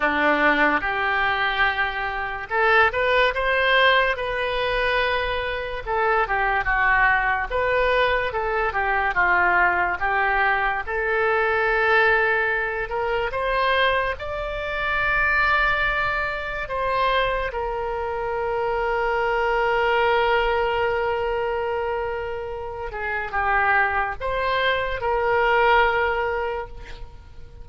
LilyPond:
\new Staff \with { instrumentName = "oboe" } { \time 4/4 \tempo 4 = 72 d'4 g'2 a'8 b'8 | c''4 b'2 a'8 g'8 | fis'4 b'4 a'8 g'8 f'4 | g'4 a'2~ a'8 ais'8 |
c''4 d''2. | c''4 ais'2.~ | ais'2.~ ais'8 gis'8 | g'4 c''4 ais'2 | }